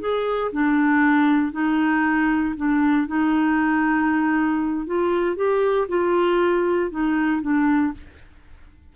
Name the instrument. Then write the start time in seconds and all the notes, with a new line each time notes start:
clarinet
0.00 G#4
0.52 D4
1.52 D#4
2.56 D4
3.07 D#4
4.86 F4
5.36 G4
5.89 F4
6.91 D#4
7.42 D4